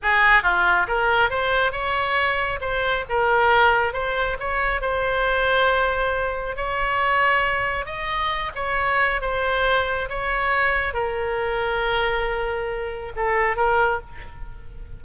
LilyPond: \new Staff \with { instrumentName = "oboe" } { \time 4/4 \tempo 4 = 137 gis'4 f'4 ais'4 c''4 | cis''2 c''4 ais'4~ | ais'4 c''4 cis''4 c''4~ | c''2. cis''4~ |
cis''2 dis''4. cis''8~ | cis''4 c''2 cis''4~ | cis''4 ais'2.~ | ais'2 a'4 ais'4 | }